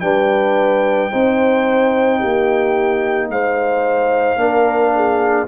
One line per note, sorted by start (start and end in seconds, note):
0.00 1.10 G3
0.00 1.10 D4
0.00 1.11 B4
0.00 3.27 G5
1.10 2.22 C4
1.10 4.37 D#4
1.10 2.19 C5
2.19 3.29 A#3
2.19 3.28 G4
3.29 4.35 G#3
3.29 4.40 C5
3.29 5.47 F5
4.35 5.45 A#3
4.35 5.46 D4
4.35 4.94 A#4
4.95 5.47 G#4